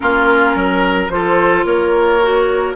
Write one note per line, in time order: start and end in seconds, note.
0.00 0.55 A#3
0.00 1.09 C#4
0.00 0.56 F4
0.00 1.07 A#4
0.55 1.08 F#3
0.55 1.11 A#4
1.08 1.64 F3
1.08 2.21 F4
1.08 1.65 A4
1.08 1.64 C5
1.64 2.74 A#3
1.64 2.75 A#4
1.64 2.75 C#5
2.21 2.75 F#4